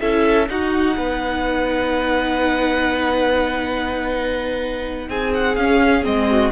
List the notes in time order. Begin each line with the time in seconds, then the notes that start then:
0.00 C#4 E4 A4 E5
0.48 D#4 F#4 F#5
0.97 B3 B4
5.09 C4 G#4 G#5
5.34 F#5
5.56 C#4 F5
6.03 G#3 C4 D#5
6.30 F#4